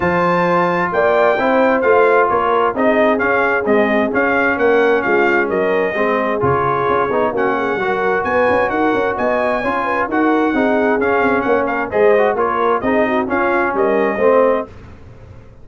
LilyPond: <<
  \new Staff \with { instrumentName = "trumpet" } { \time 4/4 \tempo 4 = 131 a''2 g''2 | f''4 cis''4 dis''4 f''4 | dis''4 f''4 fis''4 f''4 | dis''2 cis''2 |
fis''2 gis''4 fis''4 | gis''2 fis''2 | f''4 fis''8 f''8 dis''4 cis''4 | dis''4 f''4 dis''2 | }
  \new Staff \with { instrumentName = "horn" } { \time 4/4 c''2 d''4 c''4~ | c''4 ais'4 gis'2~ | gis'2 ais'4 f'4 | ais'4 gis'2. |
fis'8 gis'8 ais'4 b'4 ais'4 | dis''4 cis''8 b'8 ais'4 gis'4~ | gis'4 cis''8 ais'8 c''4 ais'4 | gis'8 fis'8 f'4 ais'4 c''4 | }
  \new Staff \with { instrumentName = "trombone" } { \time 4/4 f'2. e'4 | f'2 dis'4 cis'4 | gis4 cis'2.~ | cis'4 c'4 f'4. dis'8 |
cis'4 fis'2.~ | fis'4 f'4 fis'4 dis'4 | cis'2 gis'8 fis'8 f'4 | dis'4 cis'2 c'4 | }
  \new Staff \with { instrumentName = "tuba" } { \time 4/4 f2 ais4 c'4 | a4 ais4 c'4 cis'4 | c'4 cis'4 ais4 gis4 | fis4 gis4 cis4 cis'8 b8 |
ais4 fis4 b8 cis'8 dis'8 cis'8 | b4 cis'4 dis'4 c'4 | cis'8 c'8 ais4 gis4 ais4 | c'4 cis'4 g4 a4 | }
>>